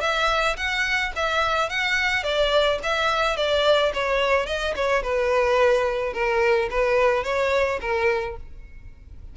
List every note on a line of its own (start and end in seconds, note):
0.00 0.56 E5
0.56 1.12 F#5
1.15 1.69 E5
1.69 2.23 F#5
2.23 2.79 D5
2.83 3.36 E5
3.36 3.92 D5
3.93 4.46 C#5
4.46 4.73 D#5
4.75 5.02 C#5
5.02 6.13 B4
6.13 6.68 A#4
6.70 7.23 B4
7.23 7.79 C#5
7.81 8.36 A#4